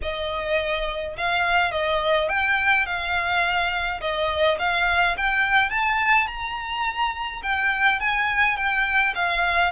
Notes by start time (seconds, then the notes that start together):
0.02 D#5
1.17 F5
1.71 D#5
2.29 G5
2.86 F5
4.01 D#5
4.59 F5
5.17 G5
5.70 A5
6.27 A#5
7.42 G5
8.00 G#5
8.56 G5
9.15 F5